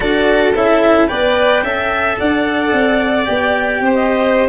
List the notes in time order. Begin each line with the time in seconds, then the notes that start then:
0.00 D4 F#4 A4 D5
0.55 C#4 E4 E5
1.07 B3 B4 D5 G5
1.62 C#4 A4 E5
2.18 D4 D5 F#5
2.72 C4
3.24 B3 G4 G5
3.80 C4 C5
3.93 D#5